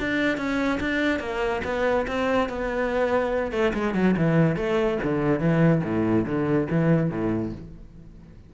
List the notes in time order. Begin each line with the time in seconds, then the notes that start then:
0.00 D4
0.38 C#4
0.80 D4
1.20 A#3
1.65 B3
2.08 C4
2.49 B3
3.52 A3
3.74 G#3
3.95 F#3
4.17 E3
4.57 A3
5.03 D3
5.40 E3
5.84 A2
6.26 D3
6.70 E3
7.11 A2